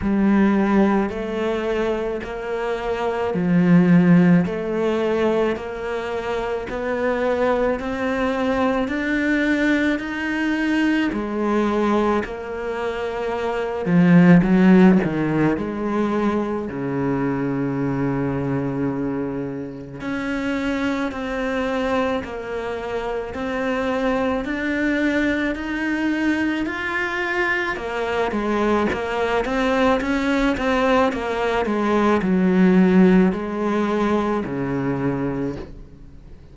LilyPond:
\new Staff \with { instrumentName = "cello" } { \time 4/4 \tempo 4 = 54 g4 a4 ais4 f4 | a4 ais4 b4 c'4 | d'4 dis'4 gis4 ais4~ | ais8 f8 fis8 dis8 gis4 cis4~ |
cis2 cis'4 c'4 | ais4 c'4 d'4 dis'4 | f'4 ais8 gis8 ais8 c'8 cis'8 c'8 | ais8 gis8 fis4 gis4 cis4 | }